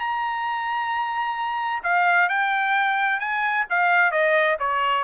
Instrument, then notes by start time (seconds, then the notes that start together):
trumpet
0.00 A#5
1.84 F5
2.29 G5
3.20 G#5
3.70 F5
4.11 D#5
4.59 C#5